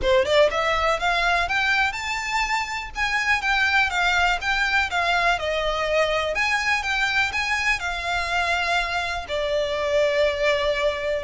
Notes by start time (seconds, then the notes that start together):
0.02 C5
0.25 D5
0.51 E5
0.99 F5
1.48 G5
1.92 A5
2.95 G#5
3.41 G5
3.90 F5
4.41 G5
4.90 F5
5.38 D#5
6.34 G#5
6.82 G5
7.32 G#5
7.79 F5
9.28 D5